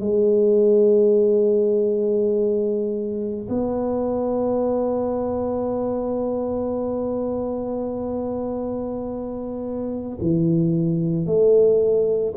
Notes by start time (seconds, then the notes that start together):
0.00 G#3
3.49 B3
10.21 E3
11.26 A3